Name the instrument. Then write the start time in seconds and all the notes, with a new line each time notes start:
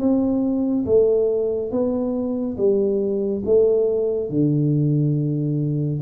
tuba
0.00 C4
0.86 A3
1.71 B3
2.58 G3
3.46 A3
4.30 D3